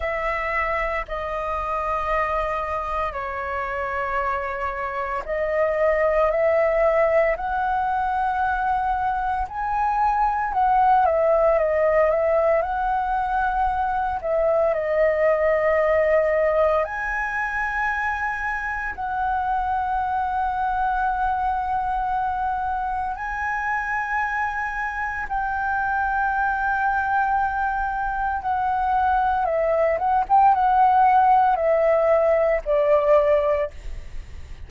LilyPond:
\new Staff \with { instrumentName = "flute" } { \time 4/4 \tempo 4 = 57 e''4 dis''2 cis''4~ | cis''4 dis''4 e''4 fis''4~ | fis''4 gis''4 fis''8 e''8 dis''8 e''8 | fis''4. e''8 dis''2 |
gis''2 fis''2~ | fis''2 gis''2 | g''2. fis''4 | e''8 fis''16 g''16 fis''4 e''4 d''4 | }